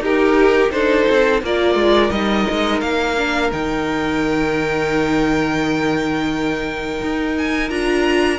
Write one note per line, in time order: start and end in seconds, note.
0.00 0.70 D#4
0.00 1.44 D#4
0.00 0.73 G4
0.00 0.71 A#4
0.71 1.07 D4
0.71 1.43 A4
0.71 1.41 C5
1.09 1.42 C4
1.42 1.75 A#3
1.42 2.11 F4
1.42 8.39 A#4
1.42 2.11 D5
1.75 2.10 G#3
2.11 2.46 G3
2.11 3.16 D#4
2.11 2.80 D#5
2.50 2.81 G#3
2.81 3.51 A#3
2.81 3.50 F5
3.17 3.52 D4
3.52 7.01 D#3
3.52 7.70 D#4
3.52 7.36 G5
7.02 7.70 D#4
7.38 7.70 G#5
7.70 8.39 D4
7.70 8.39 F4
7.70 8.39 A#5